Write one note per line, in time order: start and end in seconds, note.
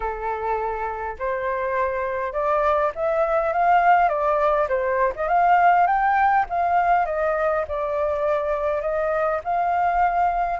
0.00 1.16 A4
1.18 2.32 C5
2.32 2.91 D5
2.95 3.52 E5
3.52 4.09 F5
4.09 4.67 D5
4.68 5.13 C5
5.15 5.28 D#5
5.28 5.86 F5
5.86 6.45 G5
6.49 7.05 F5
7.05 7.64 D#5
7.68 8.81 D5
8.81 9.40 D#5
9.44 10.59 F5